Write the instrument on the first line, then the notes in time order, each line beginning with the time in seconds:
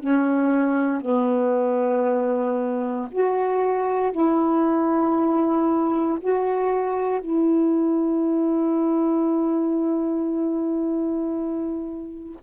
saxophone
0.00 C#4
1.02 B3
3.12 F#4
4.12 E4
6.21 F#4
7.21 E4